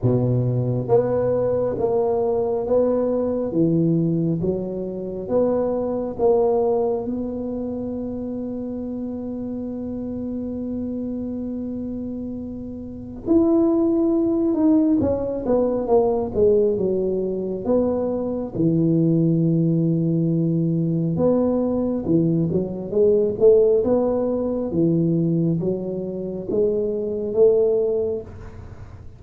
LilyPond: \new Staff \with { instrumentName = "tuba" } { \time 4/4 \tempo 4 = 68 b,4 b4 ais4 b4 | e4 fis4 b4 ais4 | b1~ | b2. e'4~ |
e'8 dis'8 cis'8 b8 ais8 gis8 fis4 | b4 e2. | b4 e8 fis8 gis8 a8 b4 | e4 fis4 gis4 a4 | }